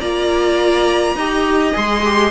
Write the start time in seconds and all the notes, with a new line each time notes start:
0.00 A#3 F4 D5 A#5
1.16 D#4 G4 D#5
1.73 G#3 G#4 C6
2.05 G4